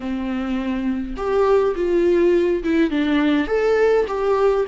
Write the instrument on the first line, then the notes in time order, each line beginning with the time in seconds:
viola
0.00 C4
1.16 G4
1.75 F4
2.63 E4
2.90 D4
3.47 A4
4.07 G4